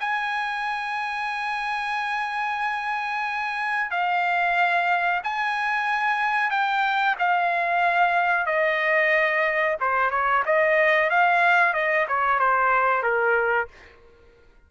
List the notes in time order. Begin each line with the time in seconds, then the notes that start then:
0.00 G#5
3.91 F5
5.24 G#5
6.50 G5
7.19 F5
8.46 D#5
9.80 C5
10.11 C#5
10.46 D#5
11.10 F5
11.74 D#5
12.08 C#5
12.39 C5
13.03 A#4